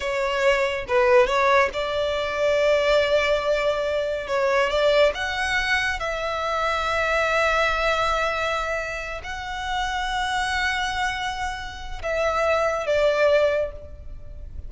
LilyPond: \new Staff \with { instrumentName = "violin" } { \time 4/4 \tempo 4 = 140 cis''2 b'4 cis''4 | d''1~ | d''2 cis''4 d''4 | fis''2 e''2~ |
e''1~ | e''4. fis''2~ fis''8~ | fis''1 | e''2 d''2 | }